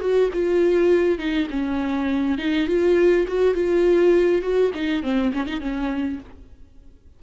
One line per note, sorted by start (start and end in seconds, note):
0.00 0.29 F#4
0.33 1.18 F4
1.18 1.48 D#4
1.50 2.38 C#4
2.38 2.67 D#4
2.67 3.26 F4
3.27 3.54 F#4
3.54 4.42 F4
4.42 4.71 F#4
4.74 5.03 D#4
5.03 5.32 C4
5.33 5.46 C#4
5.46 5.60 D#4
5.60 6.19 C#4